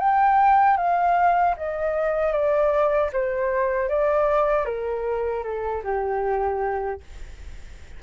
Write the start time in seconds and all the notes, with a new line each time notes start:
0.00 G5
0.78 F5
1.57 D#5
2.33 D5
3.13 C5
3.89 D5
4.66 A#4
5.44 A4
5.84 G4